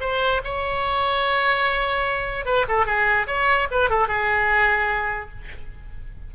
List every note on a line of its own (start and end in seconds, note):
0.00 0.41 C5
0.44 2.45 C#5
2.45 2.66 B4
2.68 2.86 A4
2.86 3.26 G#4
3.27 3.67 C#5
3.71 3.89 B4
3.89 4.07 A4
4.07 5.30 G#4